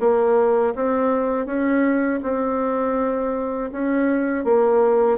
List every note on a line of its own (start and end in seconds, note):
0.00 0.74 A#3
0.75 1.46 C4
1.46 2.20 C#4
2.23 3.71 C4
3.72 4.44 C#4
4.44 5.18 A#3